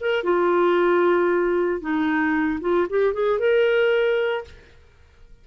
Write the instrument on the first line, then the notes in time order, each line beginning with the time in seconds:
clarinet
0.00 A#4
0.23 F4
1.80 D#4
2.61 F4
2.89 G4
3.13 G#4
3.39 A#4